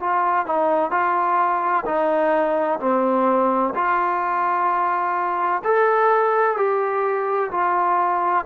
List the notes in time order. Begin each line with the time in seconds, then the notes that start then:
0.00 F4
0.46 D#4
0.91 F4
1.85 D#4
2.80 C4
3.75 F4
5.64 A4
6.57 G4
7.51 F4